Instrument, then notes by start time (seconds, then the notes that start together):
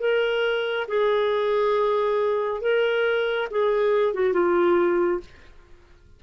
clarinet
0.00 A#4
0.88 G#4
2.61 A#4
3.51 G#4
4.14 F#4
4.33 F4